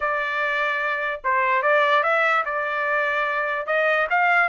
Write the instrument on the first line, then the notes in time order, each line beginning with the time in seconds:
trumpet
0.00 D5
1.24 C5
1.62 D5
2.03 E5
2.45 D5
3.66 D#5
4.09 F5